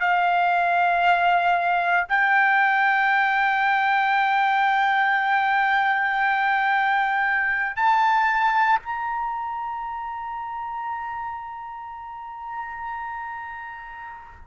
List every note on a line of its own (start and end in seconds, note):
0.00 2.07 F5
2.09 7.76 G5
7.76 8.79 A5
8.79 14.47 A#5